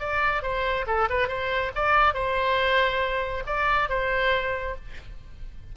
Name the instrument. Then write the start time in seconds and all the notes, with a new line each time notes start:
oboe
0.00 D5
0.43 C5
0.87 A4
1.10 B4
1.29 C5
1.76 D5
2.14 C5
3.47 D5
3.90 C5